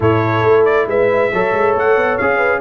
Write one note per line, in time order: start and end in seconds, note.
0.00 0.43 A2
0.00 1.31 E4
0.00 0.87 A4
0.00 0.65 C#5
0.43 0.87 A3
0.65 0.86 D5
0.87 1.31 G#3
0.87 1.32 B4
0.87 1.77 E5
1.32 1.52 F#3
1.32 2.20 A4
1.32 2.36 C#5
1.52 1.74 G#3
1.75 1.96 A3
1.75 2.17 F#5
1.96 2.18 B3
2.17 2.61 C#4
2.17 2.61 G#4
2.17 2.61 F5
2.36 2.58 B4